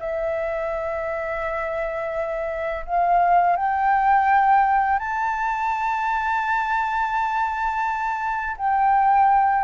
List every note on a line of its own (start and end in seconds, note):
0.00 2.86 E5
2.86 3.57 F5
3.57 4.99 G5
4.99 8.56 A5
8.57 9.65 G5